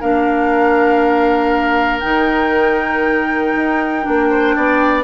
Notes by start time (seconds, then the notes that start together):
0.00 A#3 D4 A#4 F5
1.99 D#3 D#4 G5
3.55 D#4
4.02 A#3 D4
4.30 C5
4.55 B3 D5